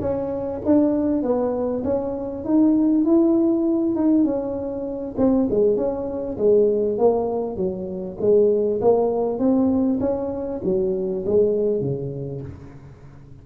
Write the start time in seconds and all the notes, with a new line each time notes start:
0.00 C#4
0.65 D4
1.22 B3
1.84 C#4
2.44 D#4
3.04 E4
3.95 D#4
4.24 C#4
5.18 C4
5.50 G#3
5.76 C#4
6.37 G#3
6.98 A#3
7.56 F#3
8.20 G#3
8.81 A#3
9.39 C4
10.00 C#4
10.64 F#3
11.26 G#3
11.80 C#3